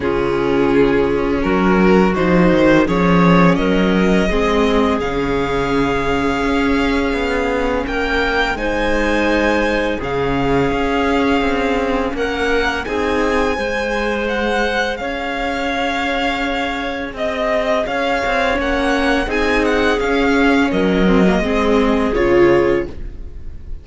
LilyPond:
<<
  \new Staff \with { instrumentName = "violin" } { \time 4/4 \tempo 4 = 84 gis'2 ais'4 c''4 | cis''4 dis''2 f''4~ | f''2. g''4 | gis''2 f''2~ |
f''4 fis''4 gis''2 | fis''4 f''2. | dis''4 f''4 fis''4 gis''8 fis''8 | f''4 dis''2 cis''4 | }
  \new Staff \with { instrumentName = "clarinet" } { \time 4/4 f'2 fis'2 | gis'4 ais'4 gis'2~ | gis'2. ais'4 | c''2 gis'2~ |
gis'4 ais'4 gis'4 c''4~ | c''4 cis''2. | dis''4 cis''2 gis'4~ | gis'4 ais'4 gis'2 | }
  \new Staff \with { instrumentName = "viola" } { \time 4/4 cis'2. dis'4 | cis'2 c'4 cis'4~ | cis'1 | dis'2 cis'2~ |
cis'2 dis'4 gis'4~ | gis'1~ | gis'2 cis'4 dis'4 | cis'4. c'16 ais16 c'4 f'4 | }
  \new Staff \with { instrumentName = "cello" } { \time 4/4 cis2 fis4 f8 dis8 | f4 fis4 gis4 cis4~ | cis4 cis'4 b4 ais4 | gis2 cis4 cis'4 |
c'4 ais4 c'4 gis4~ | gis4 cis'2. | c'4 cis'8 c'8 ais4 c'4 | cis'4 fis4 gis4 cis4 | }
>>